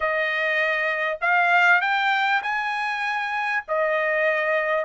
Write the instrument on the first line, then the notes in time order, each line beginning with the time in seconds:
trumpet
0.00 D#5
1.21 F5
1.81 G5
2.42 G#5
3.68 D#5